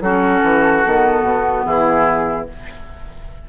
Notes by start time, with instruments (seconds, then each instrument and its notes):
0.00 bassoon F#3, clarinet C#4, oboe F#4, flute A4
0.42 bassoon E3
0.85 bassoon D#3, clarinet B3
1.22 bassoon B2
1.64 bassoon E3, oboe E4, flute G#4